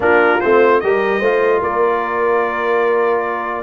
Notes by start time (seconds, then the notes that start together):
0.00 A#3 D4 F4 A#4
0.40 A3 C4 C5
0.80 G3 G4 A#4 D#5
1.18 A3 F4 C5
1.61 A#3 A#4 D5